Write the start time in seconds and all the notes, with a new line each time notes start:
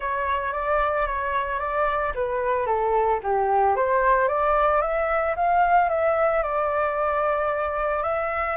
0.00 C#5
0.52 D5
1.06 C#5
1.59 D5
2.14 B4
2.66 A4
3.23 G4
3.76 C5
4.28 D5
4.81 E5
5.35 F5
5.89 E5
6.42 D5
8.02 E5